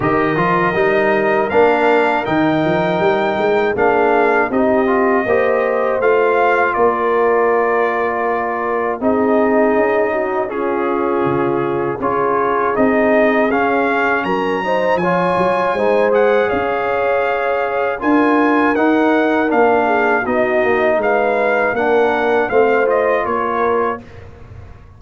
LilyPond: <<
  \new Staff \with { instrumentName = "trumpet" } { \time 4/4 \tempo 4 = 80 dis''2 f''4 g''4~ | g''4 f''4 dis''2 | f''4 d''2. | dis''2 gis'2 |
cis''4 dis''4 f''4 ais''4 | gis''4. fis''8 f''2 | gis''4 fis''4 f''4 dis''4 | f''4 fis''4 f''8 dis''8 cis''4 | }
  \new Staff \with { instrumentName = "horn" } { \time 4/4 ais'1~ | ais'4 gis'4 g'4 c''4~ | c''4 ais'2. | gis'4. fis'8 f'2 |
gis'2. ais'8 c''8 | cis''4 c''4 cis''2 | ais'2~ ais'8 gis'8 fis'4 | b'4 ais'4 c''4 ais'4 | }
  \new Staff \with { instrumentName = "trombone" } { \time 4/4 g'8 f'8 dis'4 d'4 dis'4~ | dis'4 d'4 dis'8 f'8 g'4 | f'1 | dis'2 cis'2 |
f'4 dis'4 cis'4. dis'8 | f'4 dis'8 gis'2~ gis'8 | f'4 dis'4 d'4 dis'4~ | dis'4 d'4 c'8 f'4. | }
  \new Staff \with { instrumentName = "tuba" } { \time 4/4 dis8 f8 g4 ais4 dis8 f8 | g8 gis8 ais4 c'4 ais4 | a4 ais2. | c'4 cis'2 cis4 |
cis'4 c'4 cis'4 fis4 | f8 fis8 gis4 cis'2 | d'4 dis'4 ais4 b8 ais8 | gis4 ais4 a4 ais4 | }
>>